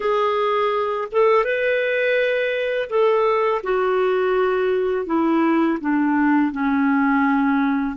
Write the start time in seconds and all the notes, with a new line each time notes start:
0.00 G#4
1.11 A4
1.44 B4
2.89 A4
3.63 F#4
5.06 E4
5.80 D4
6.51 C#4